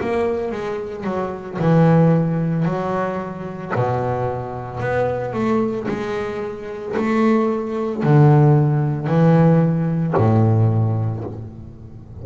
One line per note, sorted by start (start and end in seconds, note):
0.00 0.51 A#3
0.51 1.04 G#3
1.04 1.57 F#3
1.58 2.65 E3
2.65 3.72 F#3
3.75 4.80 B2
4.80 5.33 B3
5.33 5.86 A3
5.88 6.95 G#3
6.96 8.03 A3
8.03 9.06 D3
9.06 10.13 E3
10.16 11.24 A2